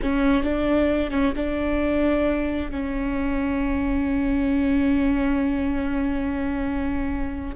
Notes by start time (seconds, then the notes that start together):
0.02 C#4
0.43 D4
1.10 C#4
1.36 D4
2.70 C#4